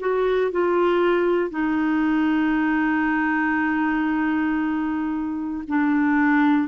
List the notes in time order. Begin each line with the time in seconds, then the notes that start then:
0.00 F#4
0.51 F4
1.50 D#4
5.68 D4